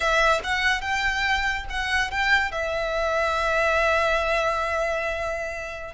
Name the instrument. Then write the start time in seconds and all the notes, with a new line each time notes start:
violin
0.00 E5
0.43 F#5
0.81 G5
1.69 F#5
2.11 G5
2.51 E5